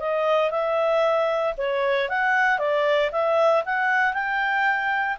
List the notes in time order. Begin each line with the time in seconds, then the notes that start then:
0.00 D#5
0.51 E5
1.58 C#5
2.09 F#5
2.59 D5
3.12 E5
3.65 F#5
4.14 G5